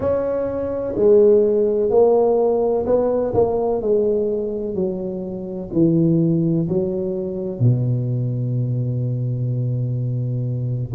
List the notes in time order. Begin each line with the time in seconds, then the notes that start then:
0.00 C#4
0.96 G#3
1.90 A#3
2.86 B3
3.34 A#3
3.81 G#3
4.74 F#3
5.72 E3
6.68 F#3
7.59 B2